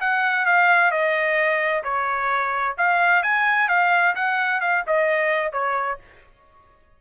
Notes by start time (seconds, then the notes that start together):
0.00 F#5
0.45 F5
0.91 D#5
1.83 C#5
2.77 F5
3.22 G#5
3.68 F5
4.15 F#5
4.60 F5
4.87 D#5
5.52 C#5